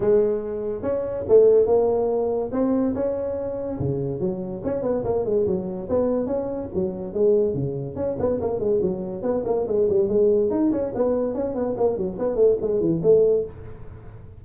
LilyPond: \new Staff \with { instrumentName = "tuba" } { \time 4/4 \tempo 4 = 143 gis2 cis'4 a4 | ais2 c'4 cis'4~ | cis'4 cis4 fis4 cis'8 b8 | ais8 gis8 fis4 b4 cis'4 |
fis4 gis4 cis4 cis'8 b8 | ais8 gis8 fis4 b8 ais8 gis8 g8 | gis4 dis'8 cis'8 b4 cis'8 b8 | ais8 fis8 b8 a8 gis8 e8 a4 | }